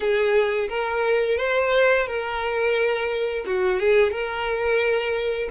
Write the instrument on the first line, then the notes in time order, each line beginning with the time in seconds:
violin
0.00 G#4
0.69 A#4
1.37 C5
2.06 A#4
3.45 F#4
3.79 G#4
4.11 A#4